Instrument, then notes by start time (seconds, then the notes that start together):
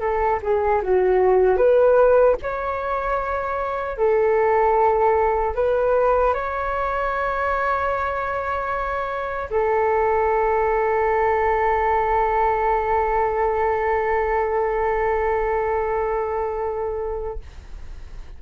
flute
0.00 A4
0.42 G#4
0.82 F#4
1.56 B4
2.42 C#5
3.97 A4
5.54 B4
6.33 C#5
9.50 A4